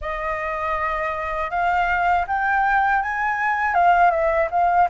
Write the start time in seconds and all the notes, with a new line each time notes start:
0.01 D#5
1.50 F5
2.27 G5
3.02 G#5
3.74 F5
4.10 E5
4.50 F5